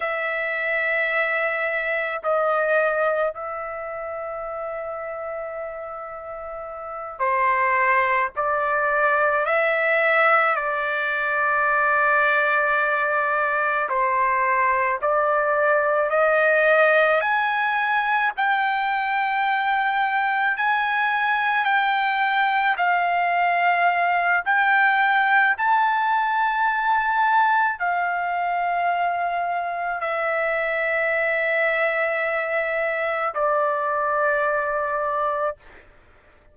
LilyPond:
\new Staff \with { instrumentName = "trumpet" } { \time 4/4 \tempo 4 = 54 e''2 dis''4 e''4~ | e''2~ e''8 c''4 d''8~ | d''8 e''4 d''2~ d''8~ | d''8 c''4 d''4 dis''4 gis''8~ |
gis''8 g''2 gis''4 g''8~ | g''8 f''4. g''4 a''4~ | a''4 f''2 e''4~ | e''2 d''2 | }